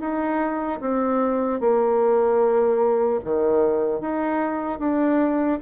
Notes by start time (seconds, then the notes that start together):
0.00 D#4
0.81 C4
1.60 A#3
3.24 D#3
4.01 D#4
4.79 D4